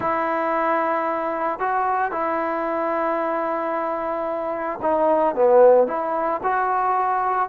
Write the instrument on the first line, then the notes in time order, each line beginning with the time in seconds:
trombone
0.00 E4
1.59 F#4
2.11 E4
4.82 D#4
5.35 B3
5.87 E4
6.43 F#4